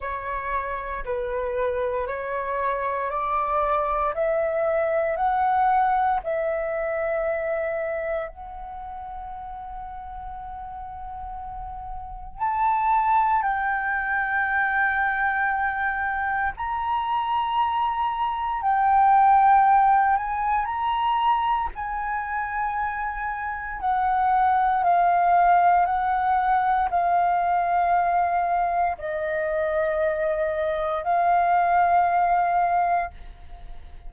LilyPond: \new Staff \with { instrumentName = "flute" } { \time 4/4 \tempo 4 = 58 cis''4 b'4 cis''4 d''4 | e''4 fis''4 e''2 | fis''1 | a''4 g''2. |
ais''2 g''4. gis''8 | ais''4 gis''2 fis''4 | f''4 fis''4 f''2 | dis''2 f''2 | }